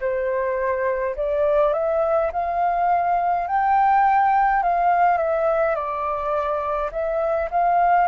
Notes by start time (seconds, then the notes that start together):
0.00 C5
1.16 D5
1.73 E5
2.32 F5
3.47 G5
4.63 F5
5.17 E5
5.75 D5
6.91 E5
7.51 F5